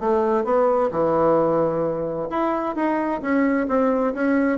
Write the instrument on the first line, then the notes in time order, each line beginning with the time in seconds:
bassoon
0.00 A3
0.44 B3
0.91 E3
2.30 E4
2.75 D#4
3.21 C#4
3.68 C4
4.14 C#4